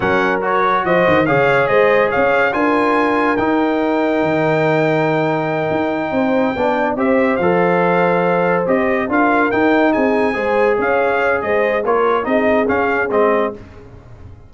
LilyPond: <<
  \new Staff \with { instrumentName = "trumpet" } { \time 4/4 \tempo 4 = 142 fis''4 cis''4 dis''4 f''4 | dis''4 f''4 gis''2 | g''1~ | g''1~ |
g''8 e''4 f''2~ f''8~ | f''8 dis''4 f''4 g''4 gis''8~ | gis''4. f''4. dis''4 | cis''4 dis''4 f''4 dis''4 | }
  \new Staff \with { instrumentName = "horn" } { \time 4/4 ais'2 c''4 cis''4 | c''4 cis''4 ais'2~ | ais'1~ | ais'2~ ais'8 c''4 d''8~ |
d''8 c''2.~ c''8~ | c''4. ais'2 gis'8~ | gis'8 c''4 cis''4. c''4 | ais'4 gis'2. | }
  \new Staff \with { instrumentName = "trombone" } { \time 4/4 cis'4 fis'2 gis'4~ | gis'2 f'2 | dis'1~ | dis'2.~ dis'8 d'8~ |
d'8 g'4 a'2~ a'8~ | a'8 g'4 f'4 dis'4.~ | dis'8 gis'2.~ gis'8 | f'4 dis'4 cis'4 c'4 | }
  \new Staff \with { instrumentName = "tuba" } { \time 4/4 fis2 f8 dis8 cis4 | gis4 cis'4 d'2 | dis'2 dis2~ | dis4. dis'4 c'4 b8~ |
b8 c'4 f2~ f8~ | f8 c'4 d'4 dis'4 c'8~ | c'8 gis4 cis'4. gis4 | ais4 c'4 cis'4 gis4 | }
>>